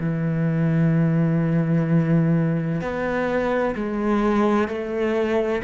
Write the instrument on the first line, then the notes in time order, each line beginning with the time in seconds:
cello
0.00 E3
2.81 B3
3.75 G#3
4.68 A3